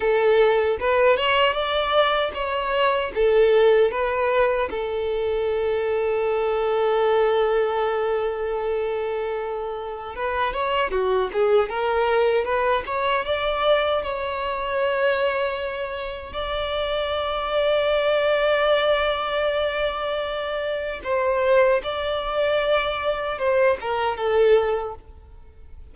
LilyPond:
\new Staff \with { instrumentName = "violin" } { \time 4/4 \tempo 4 = 77 a'4 b'8 cis''8 d''4 cis''4 | a'4 b'4 a'2~ | a'1~ | a'4 b'8 cis''8 fis'8 gis'8 ais'4 |
b'8 cis''8 d''4 cis''2~ | cis''4 d''2.~ | d''2. c''4 | d''2 c''8 ais'8 a'4 | }